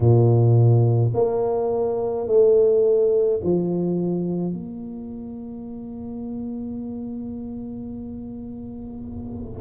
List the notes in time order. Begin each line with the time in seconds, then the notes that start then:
0.00 A#2
1.14 A#3
2.26 A3
3.43 F3
4.52 A#3